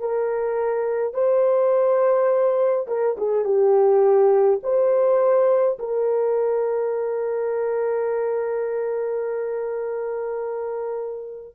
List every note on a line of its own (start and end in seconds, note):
0.00 1.13 A#4
1.13 2.86 C5
2.87 3.16 A#4
3.17 3.44 G#4
3.44 4.59 G4
4.63 5.78 C5
5.78 11.54 A#4